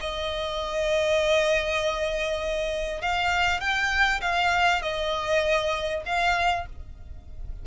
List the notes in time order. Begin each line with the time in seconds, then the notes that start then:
0.00 D#5
3.01 F5
3.60 G5
4.21 F5
4.82 D#5
6.05 F5